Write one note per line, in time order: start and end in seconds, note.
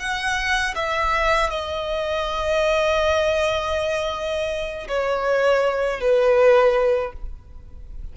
0.00 0.75 F#5
0.75 1.50 E5
1.50 4.88 D#5
4.88 6.01 C#5
6.01 7.13 B4